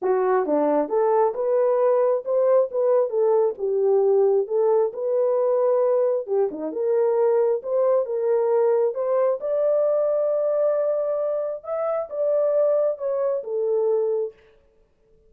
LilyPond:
\new Staff \with { instrumentName = "horn" } { \time 4/4 \tempo 4 = 134 fis'4 d'4 a'4 b'4~ | b'4 c''4 b'4 a'4 | g'2 a'4 b'4~ | b'2 g'8 dis'8 ais'4~ |
ais'4 c''4 ais'2 | c''4 d''2.~ | d''2 e''4 d''4~ | d''4 cis''4 a'2 | }